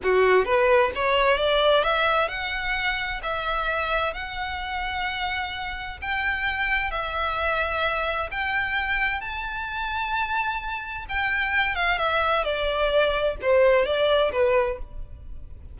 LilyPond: \new Staff \with { instrumentName = "violin" } { \time 4/4 \tempo 4 = 130 fis'4 b'4 cis''4 d''4 | e''4 fis''2 e''4~ | e''4 fis''2.~ | fis''4 g''2 e''4~ |
e''2 g''2 | a''1 | g''4. f''8 e''4 d''4~ | d''4 c''4 d''4 b'4 | }